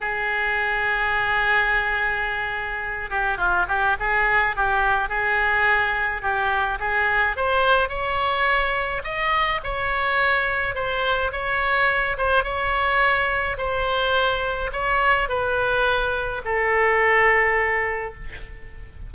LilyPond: \new Staff \with { instrumentName = "oboe" } { \time 4/4 \tempo 4 = 106 gis'1~ | gis'4. g'8 f'8 g'8 gis'4 | g'4 gis'2 g'4 | gis'4 c''4 cis''2 |
dis''4 cis''2 c''4 | cis''4. c''8 cis''2 | c''2 cis''4 b'4~ | b'4 a'2. | }